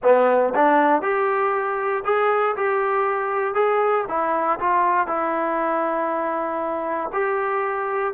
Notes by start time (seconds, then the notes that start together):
0.02 B3
0.54 D4
1.02 G4
2.05 G#4
2.56 G4
3.54 G#4
4.08 E4
4.59 F4
5.07 E4
7.12 G4